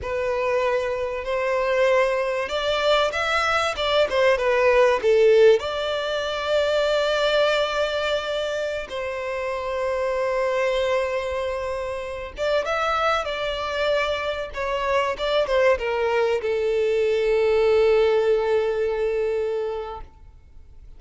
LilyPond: \new Staff \with { instrumentName = "violin" } { \time 4/4 \tempo 4 = 96 b'2 c''2 | d''4 e''4 d''8 c''8 b'4 | a'4 d''2.~ | d''2~ d''16 c''4.~ c''16~ |
c''2.~ c''8. d''16~ | d''16 e''4 d''2 cis''8.~ | cis''16 d''8 c''8 ais'4 a'4.~ a'16~ | a'1 | }